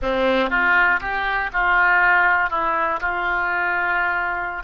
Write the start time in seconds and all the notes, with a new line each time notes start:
0.01 C4
0.50 F4
1.00 G4
1.52 F4
2.50 E4
3.00 F4